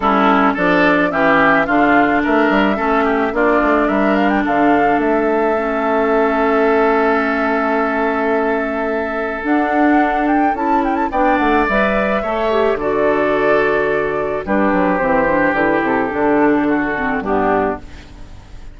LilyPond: <<
  \new Staff \with { instrumentName = "flute" } { \time 4/4 \tempo 4 = 108 a'4 d''4 e''4 f''4 | e''2 d''4 e''8 f''16 g''16 | f''4 e''2.~ | e''1~ |
e''4 fis''4. g''8 a''8 g''16 a''16 | g''8 fis''8 e''2 d''4~ | d''2 b'4 c''4 | b'8 a'2~ a'8 g'4 | }
  \new Staff \with { instrumentName = "oboe" } { \time 4/4 e'4 a'4 g'4 f'4 | ais'4 a'8 g'8 f'4 ais'4 | a'1~ | a'1~ |
a'1 | d''2 cis''4 a'4~ | a'2 g'2~ | g'2 fis'4 d'4 | }
  \new Staff \with { instrumentName = "clarinet" } { \time 4/4 cis'4 d'4 cis'4 d'4~ | d'4 cis'4 d'2~ | d'2 cis'2~ | cis'1~ |
cis'4 d'2 e'4 | d'4 b'4 a'8 g'8 fis'4~ | fis'2 d'4 c'8 d'8 | e'4 d'4. c'8 b4 | }
  \new Staff \with { instrumentName = "bassoon" } { \time 4/4 g4 f4 e4 d4 | a8 g8 a4 ais8 a8 g4 | d4 a2.~ | a1~ |
a4 d'2 cis'4 | b8 a8 g4 a4 d4~ | d2 g8 fis8 e4 | d8 c8 d2 g,4 | }
>>